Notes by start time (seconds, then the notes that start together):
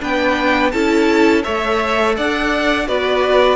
0.00 B3 D4 B4 G5
0.71 C#4 E4 A4 A5
1.44 A3 A4 C#5 E5
2.17 D4 D5 F#5
2.87 B3 F#4 B4 D5